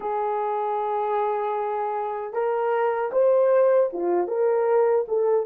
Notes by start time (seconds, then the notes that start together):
0.00 G#4
2.33 A#4
3.12 C5
3.92 F4
4.27 A#4
5.08 A4